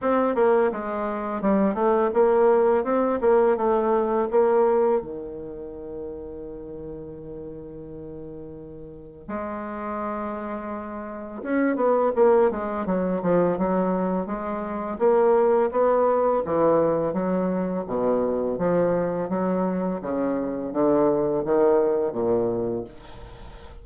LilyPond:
\new Staff \with { instrumentName = "bassoon" } { \time 4/4 \tempo 4 = 84 c'8 ais8 gis4 g8 a8 ais4 | c'8 ais8 a4 ais4 dis4~ | dis1~ | dis4 gis2. |
cis'8 b8 ais8 gis8 fis8 f8 fis4 | gis4 ais4 b4 e4 | fis4 b,4 f4 fis4 | cis4 d4 dis4 ais,4 | }